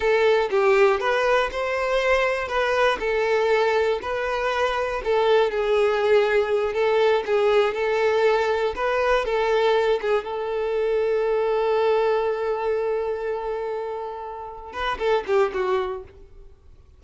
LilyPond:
\new Staff \with { instrumentName = "violin" } { \time 4/4 \tempo 4 = 120 a'4 g'4 b'4 c''4~ | c''4 b'4 a'2 | b'2 a'4 gis'4~ | gis'4. a'4 gis'4 a'8~ |
a'4. b'4 a'4. | gis'8 a'2.~ a'8~ | a'1~ | a'4. b'8 a'8 g'8 fis'4 | }